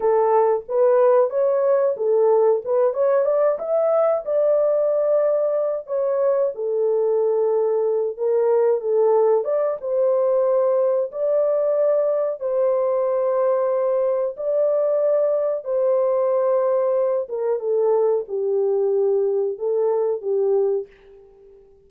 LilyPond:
\new Staff \with { instrumentName = "horn" } { \time 4/4 \tempo 4 = 92 a'4 b'4 cis''4 a'4 | b'8 cis''8 d''8 e''4 d''4.~ | d''4 cis''4 a'2~ | a'8 ais'4 a'4 d''8 c''4~ |
c''4 d''2 c''4~ | c''2 d''2 | c''2~ c''8 ais'8 a'4 | g'2 a'4 g'4 | }